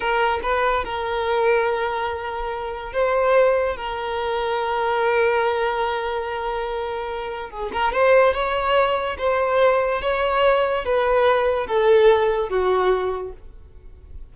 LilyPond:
\new Staff \with { instrumentName = "violin" } { \time 4/4 \tempo 4 = 144 ais'4 b'4 ais'2~ | ais'2. c''4~ | c''4 ais'2.~ | ais'1~ |
ais'2 gis'8 ais'8 c''4 | cis''2 c''2 | cis''2 b'2 | a'2 fis'2 | }